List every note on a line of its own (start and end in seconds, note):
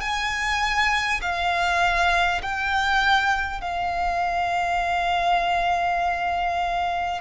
0.00 1.20 G#5
1.21 2.41 F5
2.42 3.61 G5
3.61 7.21 F5